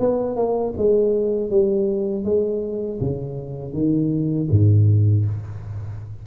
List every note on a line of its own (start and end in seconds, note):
0.00 0.36 B3
0.36 0.74 A#3
0.77 1.50 G#3
1.50 2.25 G3
2.25 3.00 G#3
3.01 3.73 C#3
3.73 4.48 D#3
4.51 5.26 G#2